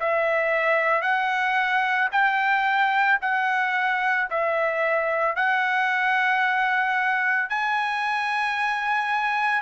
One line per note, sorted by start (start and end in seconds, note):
0.00 1.02 E5
1.02 2.09 F#5
2.12 3.19 G5
3.22 4.29 F#5
4.31 5.36 E5
5.36 7.50 F#5
7.50 9.62 G#5